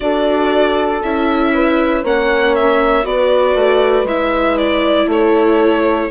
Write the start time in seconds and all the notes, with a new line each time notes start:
0.00 D4 F#4 A4 D5
1.02 C#4 E4 E5
1.54 B4
2.03 A#3 C#4 C#5 F#5
2.55 E5
3.03 B3 F#4 B4 D5
3.54 A3
4.04 G#3 E4 E5
4.57 D5
5.06 A3 A4 C#5